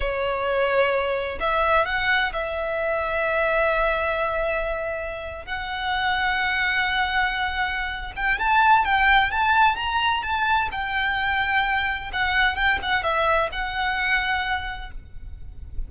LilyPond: \new Staff \with { instrumentName = "violin" } { \time 4/4 \tempo 4 = 129 cis''2. e''4 | fis''4 e''2.~ | e''2.~ e''8. fis''16~ | fis''1~ |
fis''4. g''8 a''4 g''4 | a''4 ais''4 a''4 g''4~ | g''2 fis''4 g''8 fis''8 | e''4 fis''2. | }